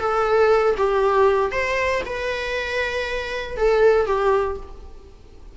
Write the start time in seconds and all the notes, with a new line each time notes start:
0.00 A4
0.77 G4
1.52 C5
2.06 B4
3.57 A4
4.07 G4